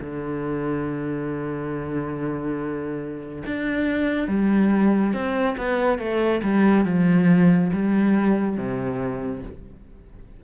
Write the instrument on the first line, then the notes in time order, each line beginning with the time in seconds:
cello
0.00 D3
3.46 D4
4.27 G3
5.13 C4
5.57 B3
5.98 A3
6.43 G3
6.85 F3
7.73 G3
8.57 C3